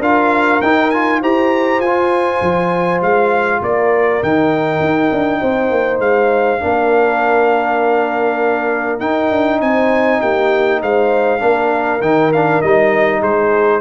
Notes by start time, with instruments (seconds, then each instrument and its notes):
0.00 tuba D4, trombone F4, horn A#4, trumpet F5
0.62 tuba D#4, trombone D#4, trumpet G5
0.91 trombone F4, trumpet G#5
1.22 tuba E4, trombone G4, horn C5, trumpet A#5
1.80 tuba F4, trumpet G#5
1.86 trombone F4
2.42 tuba F3
3.02 tuba G#3, trumpet F5
3.62 tuba A#3, horn A#4, trumpet D5
4.23 tuba D#3, trombone D#4, trumpet G5
4.80 tuba D#4
5.12 tuba D4
5.41 tuba C4, horn C5
5.71 tuba A#3
6.00 tuba G#3, trumpet F5
6.60 tuba A#3, trombone D4, horn A#4
9.00 trombone D#4, tuba D#4, trumpet G5
9.31 tuba D4
9.61 tuba C4, horn C5, trumpet G#5
10.21 tuba A#3, horn G4, trumpet G5
10.82 tuba G#3, horn C5, trumpet F5
11.40 tuba A#3, trombone D4, horn A#4
12.02 tuba D#3, trombone D#4, trumpet G5
12.33 trombone D4, trumpet F5
12.62 tuba G3, trombone D#4, trumpet D#5
13.21 tuba G#3, horn G#4, trumpet C5